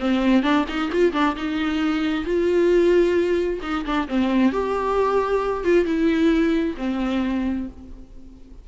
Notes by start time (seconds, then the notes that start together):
0.00 C4
0.43 D4
0.68 D#4
0.92 F4
1.13 D4
1.36 D#4
2.25 F4
3.63 D#4
3.86 D4
4.08 C4
4.52 G4
5.64 F4
5.85 E4
6.77 C4